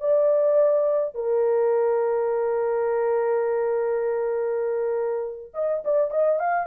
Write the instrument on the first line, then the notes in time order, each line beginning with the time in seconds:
horn
0.00 D5
1.15 A#4
5.54 D#5
5.84 D5
6.11 D#5
6.39 F5